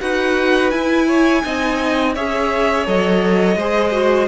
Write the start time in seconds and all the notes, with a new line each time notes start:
0.00 D#4 F#4 B4 F#5
0.70 E4 G#5
1.07 C#5
1.43 C4 D#4 D#5
2.14 C#4 G#4 C#5 E5
2.85 F#3 A4 D#5
3.56 G#3 G#4 C5
3.92 F#4